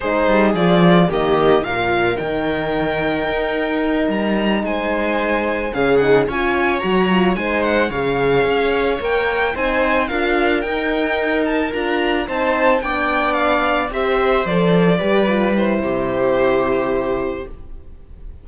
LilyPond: <<
  \new Staff \with { instrumentName = "violin" } { \time 4/4 \tempo 4 = 110 c''4 d''4 dis''4 f''4 | g''2.~ g''8 ais''8~ | ais''8 gis''2 f''8 fis''8 gis''8~ | gis''8 ais''4 gis''8 fis''8 f''4.~ |
f''8 g''4 gis''4 f''4 g''8~ | g''4 a''8 ais''4 a''4 g''8~ | g''8 f''4 e''4 d''4.~ | d''8 c''2.~ c''8 | }
  \new Staff \with { instrumentName = "viola" } { \time 4/4 gis'2 g'4 ais'4~ | ais'1~ | ais'8 c''2 gis'4 cis''8~ | cis''4. c''4 cis''4.~ |
cis''4. c''4 ais'4.~ | ais'2~ ais'8 c''4 d''8~ | d''4. c''2 b'8~ | b'4 g'2. | }
  \new Staff \with { instrumentName = "horn" } { \time 4/4 dis'4 f'4 ais4 f'4 | dis'1~ | dis'2~ dis'8 cis'8 dis'8 f'8~ | f'8 fis'8 f'8 dis'4 gis'4.~ |
gis'8 ais'4 dis'4 f'4 dis'8~ | dis'4. f'4 dis'4 d'8~ | d'4. g'4 a'4 g'8 | f'8 e'2.~ e'8 | }
  \new Staff \with { instrumentName = "cello" } { \time 4/4 gis8 g8 f4 dis4 ais,4 | dis2 dis'4. g8~ | g8 gis2 cis4 cis'8~ | cis'8 fis4 gis4 cis4 cis'8~ |
cis'8 ais4 c'4 d'4 dis'8~ | dis'4. d'4 c'4 b8~ | b4. c'4 f4 g8~ | g4 c2. | }
>>